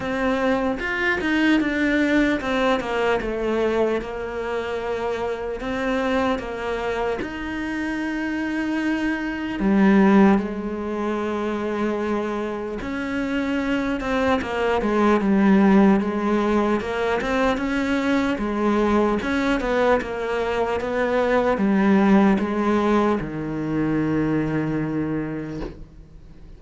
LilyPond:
\new Staff \with { instrumentName = "cello" } { \time 4/4 \tempo 4 = 75 c'4 f'8 dis'8 d'4 c'8 ais8 | a4 ais2 c'4 | ais4 dis'2. | g4 gis2. |
cis'4. c'8 ais8 gis8 g4 | gis4 ais8 c'8 cis'4 gis4 | cis'8 b8 ais4 b4 g4 | gis4 dis2. | }